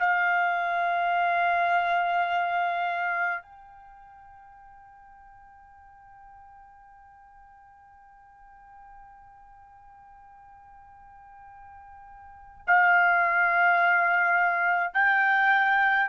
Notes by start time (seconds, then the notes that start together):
0.00 F5
3.42 G5
12.68 F5
14.94 G5